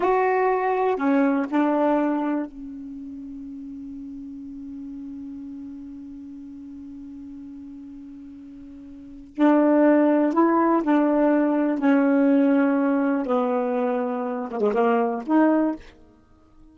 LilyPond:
\new Staff \with { instrumentName = "saxophone" } { \time 4/4 \tempo 4 = 122 fis'2 cis'4 d'4~ | d'4 cis'2.~ | cis'1~ | cis'1~ |
cis'2. d'4~ | d'4 e'4 d'2 | cis'2. b4~ | b4. ais16 gis16 ais4 dis'4 | }